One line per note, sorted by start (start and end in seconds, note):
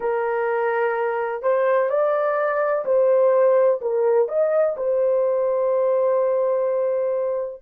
0.00 1.42 A#4
1.42 1.89 C5
1.89 2.84 D5
2.85 3.80 C5
3.81 4.28 A#4
4.28 4.76 D#5
4.76 7.62 C5